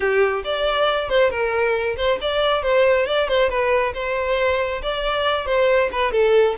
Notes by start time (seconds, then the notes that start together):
0.00 G4
0.44 D5
1.09 C5
1.30 A#4
1.96 C5
2.21 D5
2.62 C5
3.06 D5
3.28 C5
3.49 B4
3.94 C5
4.82 D5
5.45 C5
5.92 B4
6.12 A4